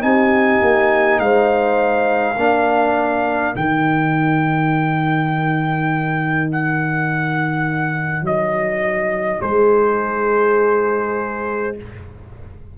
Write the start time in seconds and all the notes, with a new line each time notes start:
0.00 C4 D#4 G4 G#5
0.62 A#3
1.20 G#3 C5 F5
2.37 A#3 D4 A#4
3.54 D#3 D#4 G5
6.52 F#5
8.22 F#3 D#5
9.41 G#3 G#4 C5